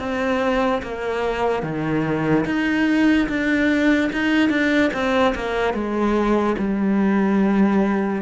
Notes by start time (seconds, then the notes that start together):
0.00 C4
0.83 A#3
1.63 D#3
2.46 D#4
3.29 D4
4.13 D#4
4.50 D4
4.94 C4
5.35 A#3
5.74 G#3
6.59 G3